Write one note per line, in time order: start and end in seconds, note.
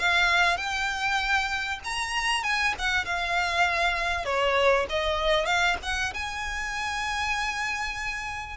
0.00 0.57 F5
0.57 1.80 G5
1.85 2.44 A#5
2.44 2.75 G#5
2.79 3.06 F#5
3.06 4.25 F5
4.25 4.86 C#5
4.90 5.46 D#5
5.46 5.77 F5
5.83 6.14 F#5
6.14 8.57 G#5